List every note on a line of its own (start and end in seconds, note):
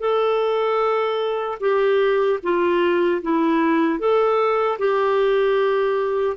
0.00 1.58 A4
1.60 2.39 G4
2.43 3.22 F4
3.22 3.99 E4
3.99 4.78 A4
4.78 6.36 G4